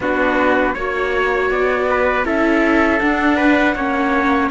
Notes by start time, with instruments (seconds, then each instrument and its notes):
0.00 cello B3, viola D4, trumpet F#4, flute B4
0.73 cello A#3, viola F#4, trumpet C#5, flute C#5
1.50 cello B3, flute D5
1.90 trumpet B4
2.24 cello C#4, viola E4, trumpet A4, flute E5
2.99 viola D4, cello D4, flute F#5
3.36 trumpet B4
3.75 cello A#3, viola C#4, trumpet C#5